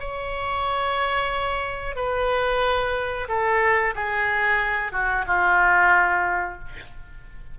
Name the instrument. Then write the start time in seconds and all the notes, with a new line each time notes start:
oboe
0.00 C#5
1.96 B4
3.29 A4
3.96 G#4
4.92 F#4
5.27 F4